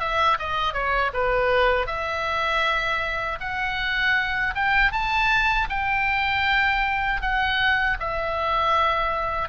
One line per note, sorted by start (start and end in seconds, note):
0.00 0.38 E5
0.39 0.74 D#5
0.74 1.12 C#5
1.13 1.87 B4
1.87 3.39 E5
3.40 4.54 F#5
4.55 4.92 G5
4.92 5.68 A5
5.70 7.22 G5
7.22 7.97 F#5
8.00 9.49 E5